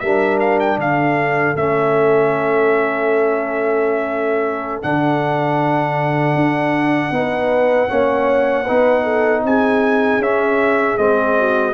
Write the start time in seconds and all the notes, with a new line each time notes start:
0.00 G3 D4 A#4 E5
0.40 F5
0.60 G5
0.78 D3 A4 F5
1.56 A3 C#4 E5
4.83 D3 D4 F#5
6.35 D4
7.11 B3 D#4 B4
7.89 A#3 C#4 C#5
8.64 B3 D#4 B4
9.04 A4
9.44 C4 G#4 G#5
10.18 C#4 E5
10.98 G#3 C4 D#5
11.39 F#4